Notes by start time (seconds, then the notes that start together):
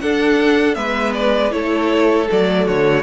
0.00 D4 A4 F#5
0.74 G#3 B3 B4 E5
1.14 D5
1.50 A3 E4 A4 C#5
2.29 F#3 A3 D5
2.65 D3 F#4 C#5